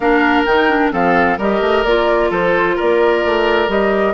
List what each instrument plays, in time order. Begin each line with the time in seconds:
0.00 bassoon A#3, clarinet D4, oboe A#4, flute F5
0.45 bassoon D#3, clarinet D#4, flute G5
0.69 clarinet D4
0.91 bassoon F3, clarinet C4, oboe A4, flute F5
1.38 bassoon G3, clarinet G4, oboe A#4, flute D#5
1.60 bassoon A3
1.84 bassoon A#3, clarinet F4, flute D5
2.30 bassoon F3, oboe A4, flute C5
2.75 bassoon A#3, oboe A#4, flute D5
3.24 bassoon A3
3.68 bassoon G3, clarinet G4, flute D#5